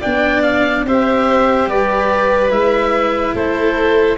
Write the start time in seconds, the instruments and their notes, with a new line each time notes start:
0.00 tuba B3, cello D4, violin D5, oboe G5
0.42 oboe F5
0.84 tuba C4, cello G4, violin C5, oboe E5
1.67 tuba G3, violin B4, oboe D5
2.50 tuba G#3, cello E4, oboe E5
3.34 tuba A3, violin A4, oboe C5